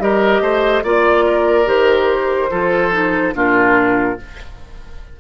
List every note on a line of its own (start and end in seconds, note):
0.00 0.41 G3
0.00 0.84 G4
0.00 0.43 A#4
0.00 0.84 D#5
0.41 0.83 A3
0.41 0.84 C5
0.84 1.67 A#3
0.84 1.66 F4
0.84 1.26 D5
0.84 1.69 D5
1.26 2.51 A#4
1.66 2.51 D#3
1.66 2.49 G4
1.66 3.36 C5
2.51 3.35 F3
2.51 2.92 F4
2.51 3.35 A4
2.92 3.34 D#4
3.34 4.18 A#2
3.34 4.17 D4
3.34 4.19 F4
3.34 4.20 A#4